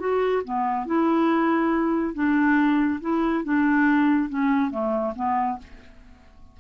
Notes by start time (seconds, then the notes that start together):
0.00 F#4
0.45 B3
0.86 E4
2.15 D4
3.01 E4
3.44 D4
4.30 C#4
4.71 A3
5.16 B3